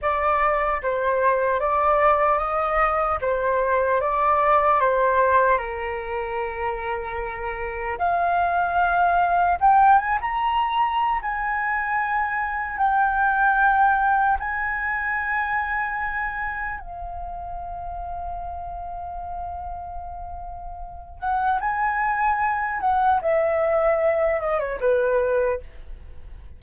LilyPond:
\new Staff \with { instrumentName = "flute" } { \time 4/4 \tempo 4 = 75 d''4 c''4 d''4 dis''4 | c''4 d''4 c''4 ais'4~ | ais'2 f''2 | g''8 gis''16 ais''4~ ais''16 gis''2 |
g''2 gis''2~ | gis''4 f''2.~ | f''2~ f''8 fis''8 gis''4~ | gis''8 fis''8 e''4. dis''16 cis''16 b'4 | }